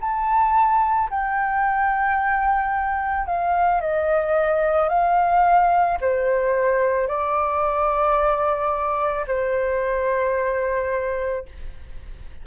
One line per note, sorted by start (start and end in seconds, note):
0.00 1.09 A5
1.10 3.26 G5
3.26 3.80 F5
3.81 4.88 D#5
4.88 5.98 F5
6.00 7.07 C5
7.07 9.25 D5
9.27 11.45 C5